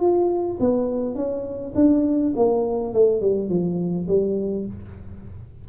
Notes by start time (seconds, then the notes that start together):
0.00 F4
0.60 B3
1.15 C#4
1.75 D4
2.36 A#3
2.93 A3
3.21 G3
3.49 F3
4.08 G3